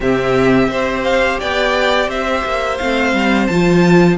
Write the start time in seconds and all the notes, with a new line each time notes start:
0.00 C3 C4 G4 E5
0.67 C4 G4 C5
1.03 F5
1.40 B3 D5 G5
2.08 C4 C5 E5
2.44 A#3
2.77 A3 C4 F5
3.13 G3
3.47 F3 F4 A5